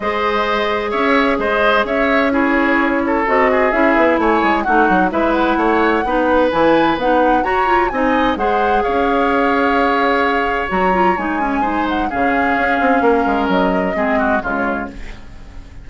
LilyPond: <<
  \new Staff \with { instrumentName = "flute" } { \time 4/4 \tempo 4 = 129 dis''2 e''4 dis''4 | e''4 cis''2 dis''4 | e''4 gis''4 fis''4 e''8 fis''8~ | fis''2 gis''4 fis''4 |
ais''4 gis''4 fis''4 f''4~ | f''2. ais''4 | gis''4. fis''8 f''2~ | f''4 dis''2 cis''4 | }
  \new Staff \with { instrumentName = "oboe" } { \time 4/4 c''2 cis''4 c''4 | cis''4 gis'4. a'4 gis'8~ | gis'4 cis''4 fis'4 b'4 | cis''4 b'2. |
cis''4 dis''4 c''4 cis''4~ | cis''1~ | cis''4 c''4 gis'2 | ais'2 gis'8 fis'8 f'4 | }
  \new Staff \with { instrumentName = "clarinet" } { \time 4/4 gis'1~ | gis'4 e'2 fis'4 | e'2 dis'4 e'4~ | e'4 dis'4 e'4 dis'4 |
fis'8 f'8 dis'4 gis'2~ | gis'2. fis'8 f'8 | dis'8 cis'8 dis'4 cis'2~ | cis'2 c'4 gis4 | }
  \new Staff \with { instrumentName = "bassoon" } { \time 4/4 gis2 cis'4 gis4 | cis'2. c'4 | cis'8 b8 a8 gis8 a8 fis8 gis4 | a4 b4 e4 b4 |
fis'4 c'4 gis4 cis'4~ | cis'2. fis4 | gis2 cis4 cis'8 c'8 | ais8 gis8 fis4 gis4 cis4 | }
>>